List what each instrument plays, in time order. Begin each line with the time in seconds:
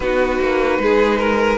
0.00 cello B3, viola D#4, violin F#4 B4
0.39 cello A#3
0.79 cello G#3, violin G#4
1.18 violin A#4